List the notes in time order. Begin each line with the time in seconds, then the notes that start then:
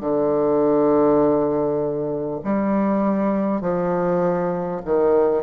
0.00 D3
2.44 G3
3.61 F3
4.85 D#3